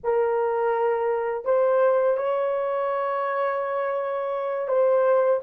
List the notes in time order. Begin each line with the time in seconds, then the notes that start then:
0.03 A#4
1.45 C5
2.17 C#5
4.68 C5